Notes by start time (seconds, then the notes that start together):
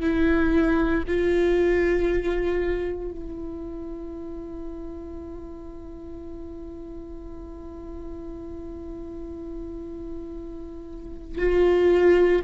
0.00 E4
1.07 F4
3.11 E4
11.38 F4